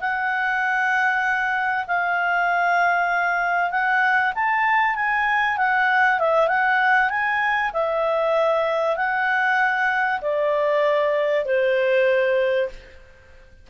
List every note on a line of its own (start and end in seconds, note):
0.00 1.86 F#5
1.88 3.71 F5
3.71 4.33 F#5
4.35 4.96 A5
4.96 5.58 G#5
5.58 6.19 F#5
6.20 6.48 E5
6.48 7.10 F#5
7.10 7.72 G#5
7.73 8.97 E5
8.97 10.21 F#5
10.22 11.45 D5
11.45 12.69 C5